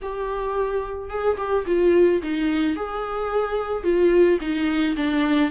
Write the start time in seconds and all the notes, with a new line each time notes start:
0.02 G4
1.09 G#4
1.37 G4
1.66 F4
2.22 D#4
2.76 G#4
3.83 F4
4.40 D#4
4.96 D4